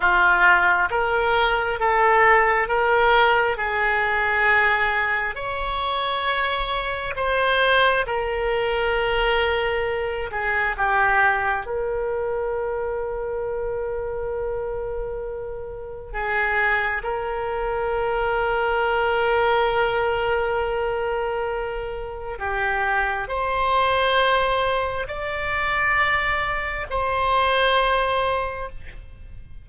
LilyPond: \new Staff \with { instrumentName = "oboe" } { \time 4/4 \tempo 4 = 67 f'4 ais'4 a'4 ais'4 | gis'2 cis''2 | c''4 ais'2~ ais'8 gis'8 | g'4 ais'2.~ |
ais'2 gis'4 ais'4~ | ais'1~ | ais'4 g'4 c''2 | d''2 c''2 | }